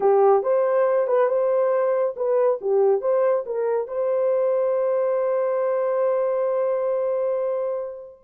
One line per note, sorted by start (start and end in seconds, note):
0.00 0.42 G4
0.42 1.07 C5
1.07 1.28 B4
1.28 2.14 C5
2.16 2.59 B4
2.61 3.01 G4
3.01 3.44 C5
3.46 3.87 A#4
3.87 8.19 C5